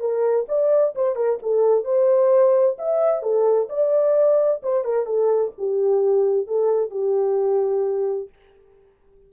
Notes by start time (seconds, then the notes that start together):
0.00 A#4
0.48 D5
0.95 C5
1.16 A#4
1.42 A4
1.85 C5
2.78 E5
3.22 A4
3.69 D5
4.63 C5
4.84 A#4
5.06 A4
5.58 G4
6.47 A4
6.91 G4